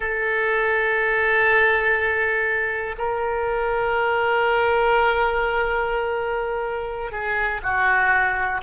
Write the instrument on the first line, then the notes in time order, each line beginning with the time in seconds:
oboe
0.00 A4
2.98 A#4
7.11 G#4
7.62 F#4